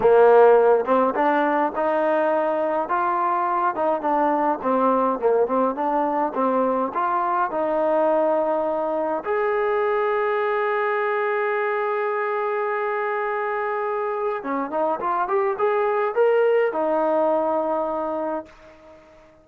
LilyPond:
\new Staff \with { instrumentName = "trombone" } { \time 4/4 \tempo 4 = 104 ais4. c'8 d'4 dis'4~ | dis'4 f'4. dis'8 d'4 | c'4 ais8 c'8 d'4 c'4 | f'4 dis'2. |
gis'1~ | gis'1~ | gis'4 cis'8 dis'8 f'8 g'8 gis'4 | ais'4 dis'2. | }